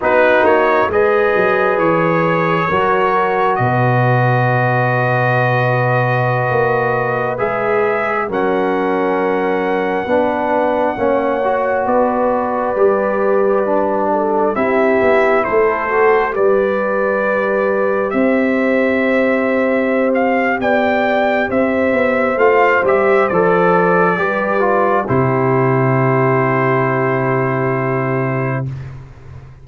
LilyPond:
<<
  \new Staff \with { instrumentName = "trumpet" } { \time 4/4 \tempo 4 = 67 b'8 cis''8 dis''4 cis''2 | dis''1~ | dis''16 e''4 fis''2~ fis''8.~ | fis''4~ fis''16 d''2~ d''8.~ |
d''16 e''4 c''4 d''4.~ d''16~ | d''16 e''2~ e''16 f''8 g''4 | e''4 f''8 e''8 d''2 | c''1 | }
  \new Staff \with { instrumentName = "horn" } { \time 4/4 fis'4 b'2 ais'4 | b'1~ | b'4~ b'16 ais'2 b'8.~ | b'16 cis''4 b'2~ b'8 a'16~ |
a'16 g'4 a'4 b'4.~ b'16~ | b'16 c''2~ c''8. d''4 | c''2. b'4 | g'1 | }
  \new Staff \with { instrumentName = "trombone" } { \time 4/4 dis'4 gis'2 fis'4~ | fis'1~ | fis'16 gis'4 cis'2 d'8.~ | d'16 cis'8 fis'4. g'4 d'8.~ |
d'16 e'4. fis'8 g'4.~ g'16~ | g'1~ | g'4 f'8 g'8 a'4 g'8 f'8 | e'1 | }
  \new Staff \with { instrumentName = "tuba" } { \time 4/4 b8 ais8 gis8 fis8 e4 fis4 | b,2.~ b,16 ais8.~ | ais16 gis4 fis2 b8.~ | b16 ais4 b4 g4.~ g16~ |
g16 c'8 b8 a4 g4.~ g16~ | g16 c'2~ c'8. b4 | c'8 b8 a8 g8 f4 g4 | c1 | }
>>